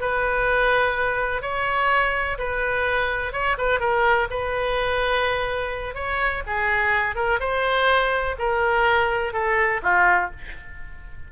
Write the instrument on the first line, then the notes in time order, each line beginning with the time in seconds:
oboe
0.00 B4
1.42 C#5
2.38 B4
3.32 C#5
3.57 B4
3.80 A#4
4.30 B4
5.94 C#5
6.46 G#4
7.15 A#4
7.39 C5
8.38 A#4
9.33 A4
9.82 F4